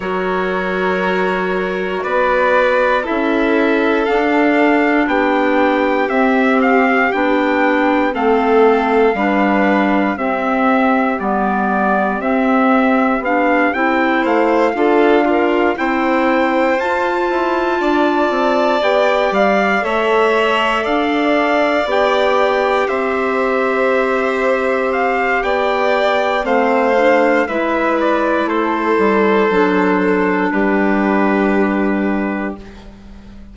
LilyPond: <<
  \new Staff \with { instrumentName = "trumpet" } { \time 4/4 \tempo 4 = 59 cis''2 d''4 e''4 | f''4 g''4 e''8 f''8 g''4 | f''2 e''4 d''4 | e''4 f''8 g''8 f''4. g''8~ |
g''8 a''2 g''8 f''8 e''8~ | e''8 f''4 g''4 e''4.~ | e''8 f''8 g''4 f''4 e''8 d''8 | c''2 b'2 | }
  \new Staff \with { instrumentName = "violin" } { \time 4/4 ais'2 b'4 a'4~ | a'4 g'2. | a'4 b'4 g'2~ | g'2 c''8 a'8 f'8 c''8~ |
c''4. d''2 cis''8~ | cis''8 d''2 c''4.~ | c''4 d''4 c''4 b'4 | a'2 g'2 | }
  \new Staff \with { instrumentName = "clarinet" } { \time 4/4 fis'2. e'4 | d'2 c'4 d'4 | c'4 d'4 c'4 b4 | c'4 d'8 e'4 f'8 ais'8 e'8~ |
e'8 f'2 g'4 a'8~ | a'4. g'2~ g'8~ | g'2 c'8 d'8 e'4~ | e'4 d'2. | }
  \new Staff \with { instrumentName = "bassoon" } { \time 4/4 fis2 b4 cis'4 | d'4 b4 c'4 b4 | a4 g4 c'4 g4 | c'4 b8 c'8 a8 d'4 c'8~ |
c'8 f'8 e'8 d'8 c'8 b8 g8 a8~ | a8 d'4 b4 c'4.~ | c'4 b4 a4 gis4 | a8 g8 fis4 g2 | }
>>